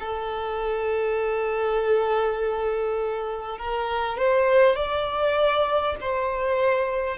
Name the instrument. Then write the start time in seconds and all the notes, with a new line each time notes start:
violin
0.00 A4
3.58 A#4
4.18 C5
4.76 D5
6.01 C5